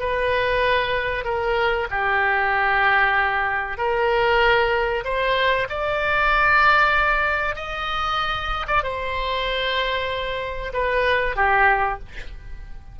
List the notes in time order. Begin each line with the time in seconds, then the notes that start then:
0.00 B4
1.25 A#4
1.91 G4
3.78 A#4
5.05 C5
5.69 D5
7.56 D#5
8.68 D5
8.84 C5
10.73 B4
11.37 G4